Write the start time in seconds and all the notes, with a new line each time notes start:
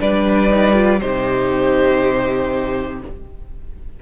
0.00 G3 D4 B4 D5
0.50 D#4
0.75 F4
1.00 C3 D#4 G4 C5